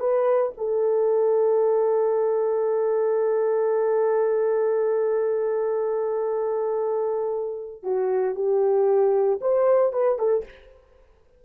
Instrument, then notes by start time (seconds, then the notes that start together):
horn
0.00 B4
0.57 A4
7.83 F#4
8.35 G4
9.41 C5
9.93 B4
10.19 A4